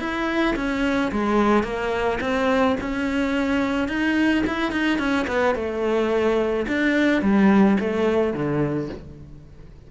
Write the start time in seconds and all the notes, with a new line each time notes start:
0.00 E4
0.56 C#4
1.12 G#3
1.64 A#3
2.21 C4
2.81 C#4
3.89 D#4
4.47 E4
4.72 D#4
4.99 C#4
5.28 B3
5.56 A3
6.68 D4
7.22 G3
7.80 A3
8.34 D3